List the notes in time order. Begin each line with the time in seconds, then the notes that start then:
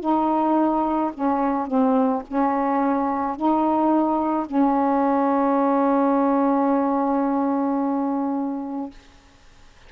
0.00 D#4
1.14 C#4
1.67 C4
2.27 C#4
3.36 D#4
4.46 C#4